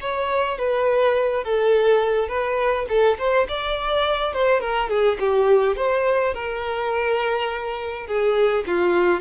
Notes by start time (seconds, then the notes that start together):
0.00 C#5
0.58 B4
1.44 A4
2.28 B4
2.89 A4
3.18 C5
3.48 D5
4.33 C5
4.60 A#4
4.89 G#4
5.19 G4
5.76 C5
6.34 A#4
8.07 G#4
8.67 F4